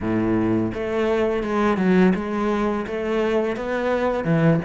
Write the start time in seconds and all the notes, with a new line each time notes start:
0.00 A2
0.74 A3
1.43 G#3
1.77 F#3
2.14 G#3
2.86 A3
3.56 B3
4.24 E3